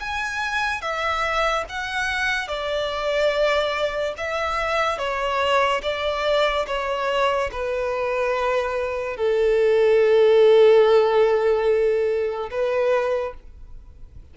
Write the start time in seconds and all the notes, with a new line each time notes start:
0.00 G#5
0.82 E5
1.69 F#5
2.48 D5
4.18 E5
4.98 C#5
5.83 D5
6.67 C#5
7.52 B4
9.17 A4
12.51 B4